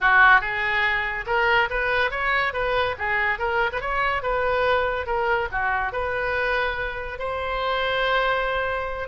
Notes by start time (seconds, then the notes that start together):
0.01 F#4
0.40 G#4
1.26 A#4
1.70 B4
2.10 C#5
2.53 B4
2.98 G#4
3.38 A#4
3.72 B4
3.80 C#5
4.22 B4
5.06 A#4
5.51 F#4
5.92 B4
7.18 C5